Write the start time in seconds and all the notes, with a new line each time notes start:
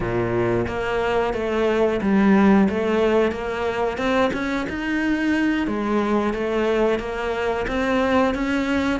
0.00 A#2
0.67 A#3
1.33 A3
2.01 G3
2.69 A3
3.31 A#3
3.97 C4
4.33 C#4
4.69 D#4
5.67 G#3
6.33 A3
6.99 A#3
7.67 C4
8.34 C#4